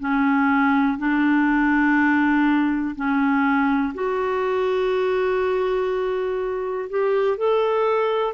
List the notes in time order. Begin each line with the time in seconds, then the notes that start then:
0.00 C#4
0.98 D4
2.96 C#4
3.95 F#4
6.90 G4
7.38 A4